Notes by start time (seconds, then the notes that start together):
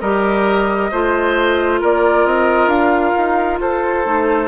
0.00 G3 G4 A#4 D#5
0.91 A3 F4 C5
1.80 A#3 A#4 D5
2.25 C4 D#5
2.67 D4 F5
3.17 D#4
3.59 F4 A4 C5
4.04 A3 D#4